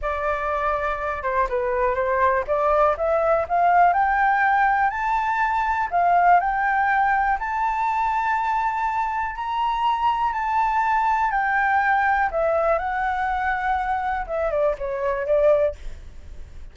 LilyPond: \new Staff \with { instrumentName = "flute" } { \time 4/4 \tempo 4 = 122 d''2~ d''8 c''8 b'4 | c''4 d''4 e''4 f''4 | g''2 a''2 | f''4 g''2 a''4~ |
a''2. ais''4~ | ais''4 a''2 g''4~ | g''4 e''4 fis''2~ | fis''4 e''8 d''8 cis''4 d''4 | }